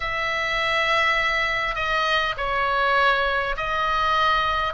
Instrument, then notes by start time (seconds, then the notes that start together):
oboe
0.00 E5
1.75 D#5
2.37 C#5
3.56 D#5